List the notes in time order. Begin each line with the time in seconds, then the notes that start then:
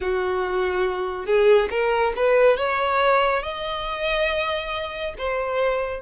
0.00 F#4
1.25 G#4
1.70 A#4
2.15 B4
2.57 C#5
3.42 D#5
5.18 C5